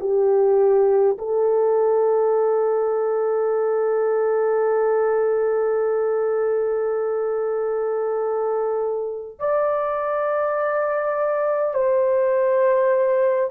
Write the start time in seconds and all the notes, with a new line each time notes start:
0.00 G4
1.18 A4
9.40 D5
11.74 C5